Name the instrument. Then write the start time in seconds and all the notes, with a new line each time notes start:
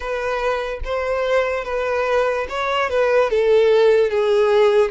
violin
0.00 B4
0.84 C5
1.64 B4
2.49 C#5
2.89 B4
3.30 A4
4.10 G#4